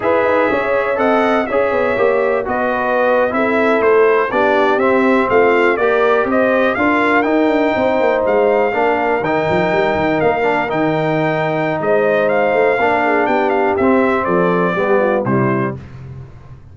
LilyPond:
<<
  \new Staff \with { instrumentName = "trumpet" } { \time 4/4 \tempo 4 = 122 e''2 fis''4 e''4~ | e''4 dis''4.~ dis''16 e''4 c''16~ | c''8. d''4 e''4 f''4 d''16~ | d''8. dis''4 f''4 g''4~ g''16~ |
g''8. f''2 g''4~ g''16~ | g''8. f''4 g''2~ g''16 | dis''4 f''2 g''8 f''8 | e''4 d''2 c''4 | }
  \new Staff \with { instrumentName = "horn" } { \time 4/4 b'4 cis''4 dis''4 cis''4~ | cis''4 b'4.~ b'16 a'4~ a'16~ | a'8. g'2 f'4 ais'16~ | ais'8. c''4 ais'2 c''16~ |
c''4.~ c''16 ais'2~ ais'16~ | ais'1 | c''2 ais'8 gis'8 g'4~ | g'4 a'4 g'8 f'8 e'4 | }
  \new Staff \with { instrumentName = "trombone" } { \time 4/4 gis'2 a'4 gis'4 | g'4 fis'4.~ fis'16 e'4~ e'16~ | e'8. d'4 c'2 g'16~ | g'4.~ g'16 f'4 dis'4~ dis'16~ |
dis'4.~ dis'16 d'4 dis'4~ dis'16~ | dis'4~ dis'16 d'8 dis'2~ dis'16~ | dis'2 d'2 | c'2 b4 g4 | }
  \new Staff \with { instrumentName = "tuba" } { \time 4/4 e'8 dis'8 cis'4 c'4 cis'8 b8 | ais4 b4.~ b16 c'4 a16~ | a8. b4 c'4 a4 ais16~ | ais8. c'4 d'4 dis'8 d'8 c'16~ |
c'16 ais8 gis4 ais4 dis8 f8 g16~ | g16 dis8 ais4 dis2~ dis16 | gis4. a8 ais4 b4 | c'4 f4 g4 c4 | }
>>